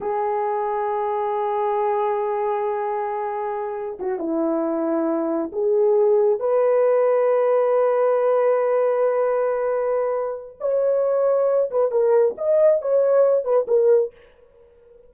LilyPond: \new Staff \with { instrumentName = "horn" } { \time 4/4 \tempo 4 = 136 gis'1~ | gis'1~ | gis'4 fis'8 e'2~ e'8~ | e'8 gis'2 b'4.~ |
b'1~ | b'1 | cis''2~ cis''8 b'8 ais'4 | dis''4 cis''4. b'8 ais'4 | }